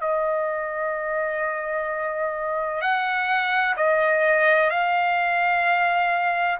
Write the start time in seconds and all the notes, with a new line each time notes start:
0.00 D#5
2.81 F#5
3.76 D#5
4.70 F5